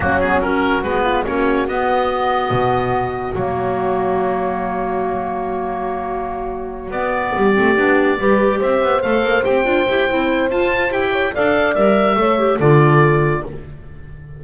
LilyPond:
<<
  \new Staff \with { instrumentName = "oboe" } { \time 4/4 \tempo 4 = 143 fis'8 gis'8 ais'4 b'4 cis''4 | dis''1 | cis''1~ | cis''1~ |
cis''8 d''2.~ d''8~ | d''8 e''4 f''4 g''4.~ | g''4 a''4 g''4 f''4 | e''2 d''2 | }
  \new Staff \with { instrumentName = "horn" } { \time 4/4 cis'4 fis'4. f'8 fis'4~ | fis'1~ | fis'1~ | fis'1~ |
fis'4. g'2 b'8~ | b'8 c''2.~ c''8~ | c''2~ c''8 cis''8 d''4~ | d''4 cis''4 a'2 | }
  \new Staff \with { instrumentName = "clarinet" } { \time 4/4 ais8 b8 cis'4 b4 cis'4 | b1 | ais1~ | ais1~ |
ais8 b4. c'8 d'4 g'8~ | g'4. a'4 g'8 f'8 g'8 | e'4 f'4 g'4 a'4 | ais'4 a'8 g'8 f'2 | }
  \new Staff \with { instrumentName = "double bass" } { \time 4/4 fis2 gis4 ais4 | b2 b,2 | fis1~ | fis1~ |
fis8 b4 g8 a8 b4 g8~ | g8 c'8 b8 a8 ais8 c'8 d'8 e'8 | c'4 f'4 e'4 d'4 | g4 a4 d2 | }
>>